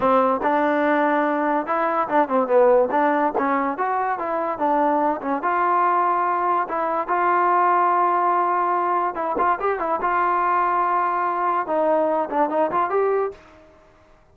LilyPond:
\new Staff \with { instrumentName = "trombone" } { \time 4/4 \tempo 4 = 144 c'4 d'2. | e'4 d'8 c'8 b4 d'4 | cis'4 fis'4 e'4 d'4~ | d'8 cis'8 f'2. |
e'4 f'2.~ | f'2 e'8 f'8 g'8 e'8 | f'1 | dis'4. d'8 dis'8 f'8 g'4 | }